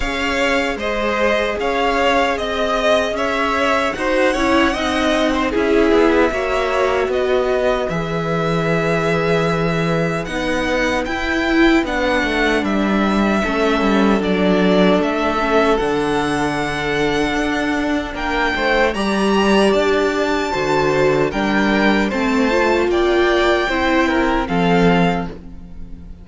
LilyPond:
<<
  \new Staff \with { instrumentName = "violin" } { \time 4/4 \tempo 4 = 76 f''4 dis''4 f''4 dis''4 | e''4 fis''2 e''4~ | e''4 dis''4 e''2~ | e''4 fis''4 g''4 fis''4 |
e''2 d''4 e''4 | fis''2. g''4 | ais''4 a''2 g''4 | a''4 g''2 f''4 | }
  \new Staff \with { instrumentName = "violin" } { \time 4/4 cis''4 c''4 cis''4 dis''4 | cis''4 c''8 cis''8 dis''8. c''16 gis'4 | cis''4 b'2.~ | b'1~ |
b'4 a'2.~ | a'2. ais'8 c''8 | d''2 c''4 ais'4 | c''4 d''4 c''8 ais'8 a'4 | }
  \new Staff \with { instrumentName = "viola" } { \time 4/4 gis'1~ | gis'4 fis'8 e'8 dis'4 e'4 | fis'2 gis'2~ | gis'4 dis'4 e'4 d'4~ |
d'4 cis'4 d'4. cis'8 | d'1 | g'2 fis'4 d'4 | c'8 f'4. e'4 c'4 | }
  \new Staff \with { instrumentName = "cello" } { \time 4/4 cis'4 gis4 cis'4 c'4 | cis'4 dis'8 cis'8 c'4 cis'8 b8 | ais4 b4 e2~ | e4 b4 e'4 b8 a8 |
g4 a8 g8 fis4 a4 | d2 d'4 ais8 a8 | g4 d'4 d4 g4 | a4 ais4 c'4 f4 | }
>>